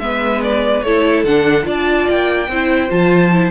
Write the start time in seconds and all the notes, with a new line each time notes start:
0.00 G#3 B3 B4 E5
0.43 D5
0.82 A3 E4 A4 C#5
1.24 D3 D4 F#5
1.64 D4 F4 D5
1.70 A5
2.10 A#3 G5
2.49 C4 E4 C5
2.90 F3 F4 A5
3.33 E4